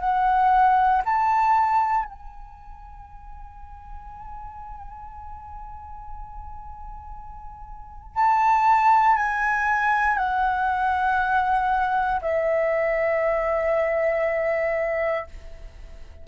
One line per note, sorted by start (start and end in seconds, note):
0.00 1.02 F#5
1.05 2.05 A5
2.05 8.15 G#5
8.15 9.17 A5
9.17 10.17 G#5
10.17 12.20 F#5
12.21 15.26 E5